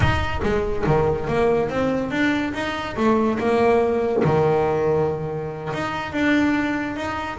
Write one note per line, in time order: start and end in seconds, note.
0.00 0.40 D#4
0.42 0.85 G#3
0.86 1.27 D#3
1.27 1.69 A#3
1.69 2.10 C4
2.10 2.53 D4
2.53 2.96 D#4
2.96 3.38 A3
3.38 4.23 A#3
4.24 5.72 D#3
5.73 6.12 D#4
6.12 6.96 D4
6.96 7.38 D#4